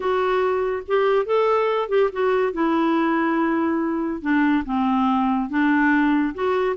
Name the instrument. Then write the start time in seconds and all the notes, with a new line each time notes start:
clarinet
0.00 F#4
0.87 G4
1.25 A4
1.88 G4
2.12 F#4
2.52 E4
4.21 D4
4.65 C4
5.49 D4
6.34 F#4